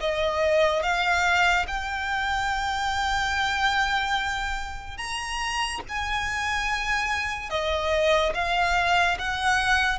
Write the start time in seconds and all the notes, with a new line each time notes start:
0.00 D#5
0.82 F5
1.67 G5
4.97 A#5
5.89 G#5
7.49 D#5
8.34 F5
9.18 F#5